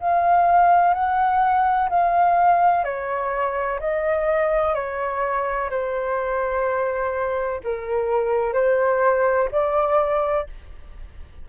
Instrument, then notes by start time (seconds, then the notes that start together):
flute
0.00 F5
0.94 F#5
1.89 F5
2.84 C#5
3.80 D#5
4.74 C#5
5.70 C5
7.64 A#4
8.53 C5
9.52 D5